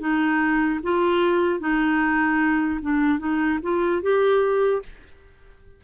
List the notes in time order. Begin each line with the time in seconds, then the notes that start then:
0.00 D#4
0.83 F4
1.60 D#4
2.82 D4
3.19 D#4
3.63 F4
4.02 G4